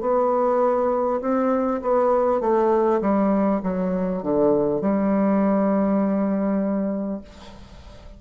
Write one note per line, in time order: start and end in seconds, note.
0.00 1.20 B3
1.21 1.81 C4
1.82 2.41 B3
2.41 3.01 A3
3.01 3.61 G3
3.63 4.22 F#3
4.22 4.81 D3
4.81 7.21 G3